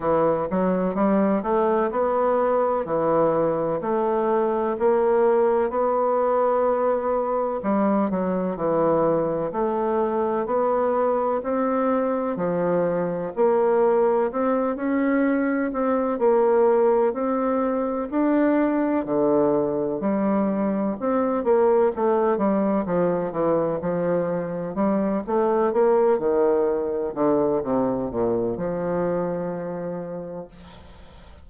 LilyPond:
\new Staff \with { instrumentName = "bassoon" } { \time 4/4 \tempo 4 = 63 e8 fis8 g8 a8 b4 e4 | a4 ais4 b2 | g8 fis8 e4 a4 b4 | c'4 f4 ais4 c'8 cis'8~ |
cis'8 c'8 ais4 c'4 d'4 | d4 g4 c'8 ais8 a8 g8 | f8 e8 f4 g8 a8 ais8 dis8~ | dis8 d8 c8 ais,8 f2 | }